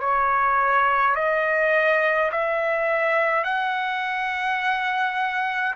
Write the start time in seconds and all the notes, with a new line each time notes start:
0.00 C#5
1.15 D#5
2.31 E5
3.44 F#5